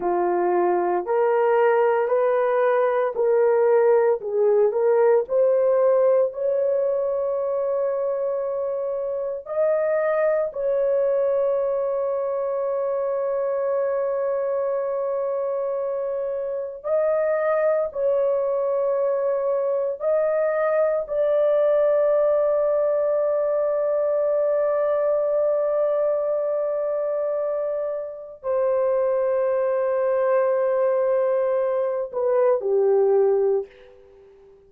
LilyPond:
\new Staff \with { instrumentName = "horn" } { \time 4/4 \tempo 4 = 57 f'4 ais'4 b'4 ais'4 | gis'8 ais'8 c''4 cis''2~ | cis''4 dis''4 cis''2~ | cis''1 |
dis''4 cis''2 dis''4 | d''1~ | d''2. c''4~ | c''2~ c''8 b'8 g'4 | }